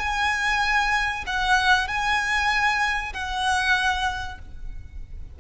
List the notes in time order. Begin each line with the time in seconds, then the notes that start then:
0.00 G#5
1.27 F#5
1.88 G#5
3.14 F#5